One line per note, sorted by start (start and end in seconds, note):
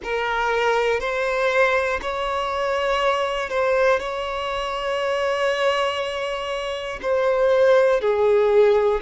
0.03 1.00 A#4
1.00 2.00 C5
2.01 3.50 C#5
3.50 3.99 C5
3.99 6.99 C#5
7.01 8.00 C5
8.00 9.00 G#4